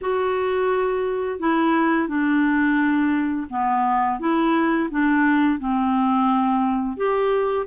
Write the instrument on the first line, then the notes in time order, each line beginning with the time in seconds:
clarinet
0.01 F#4
1.39 E4
2.07 D4
3.50 B3
4.19 E4
4.91 D4
5.59 C4
6.96 G4